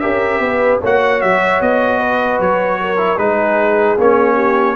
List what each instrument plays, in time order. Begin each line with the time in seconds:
0.00 tuba C#4, trombone G4, horn A#4, trumpet E5
0.40 tuba B3, horn B4
0.82 tuba A#3, trombone F#4, horn C#5, trumpet F#5
1.22 tuba F#3, trumpet E5
1.62 tuba B3, trumpet D#5
2.00 horn B4
2.40 tuba F#3, trumpet C#5
2.81 horn A#4
2.97 trombone E4
3.18 tuba G#3, trombone D#4, horn G#4, trumpet B4
3.98 tuba A#3, trombone C#4, trumpet C#5
4.36 horn G4